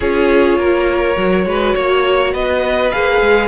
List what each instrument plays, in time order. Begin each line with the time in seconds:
0.00 cello C#4, viola F4, violin G#4 C#5
0.57 cello A#3, violin A#4
1.16 cello F#3, viola F#4
1.45 cello G#3, violin B4
1.75 cello A#3, violin C#5
2.32 cello B3, violin B4 D#5
2.91 cello A#3, viola G#4, violin F5
3.21 cello G#3